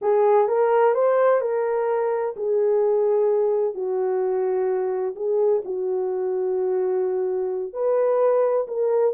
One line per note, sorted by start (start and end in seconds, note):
0.01 0.48 G#4
0.48 0.94 A#4
0.94 1.41 C5
1.41 2.34 A#4
2.36 3.74 G#4
3.74 5.15 F#4
5.15 5.62 G#4
5.64 7.73 F#4
7.73 8.66 B4
8.67 9.14 A#4